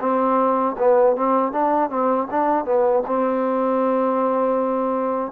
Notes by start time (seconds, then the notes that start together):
0.00 C4
0.78 B3
1.16 C4
1.52 D4
1.90 C4
2.31 D4
2.65 B3
3.07 C4